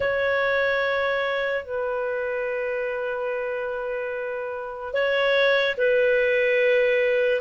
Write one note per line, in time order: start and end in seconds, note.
0.00 1.64 C#5
1.64 4.93 B4
4.93 5.75 C#5
5.77 7.41 B4